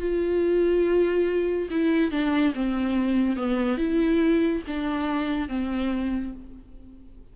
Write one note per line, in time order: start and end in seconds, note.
0.00 1.69 F4
1.70 2.11 E4
2.11 2.54 D4
2.54 3.36 C4
3.36 3.78 B3
3.78 4.62 E4
4.67 5.49 D4
5.49 6.33 C4